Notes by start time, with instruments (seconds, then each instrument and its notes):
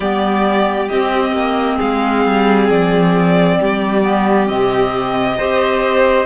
0.00 cello G3, clarinet B3, violin G4 D5
0.88 clarinet C4, cello C4, violin D#5
1.32 cello A#3
1.76 cello G#3, violin G#4 F5
2.25 cello G3
2.69 cello F3, violin D5
3.60 cello G3, violin G4
4.02 clarinet B3
4.46 cello C3, clarinet C4, violin D#5
5.37 cello C4, clarinet G4, violin C5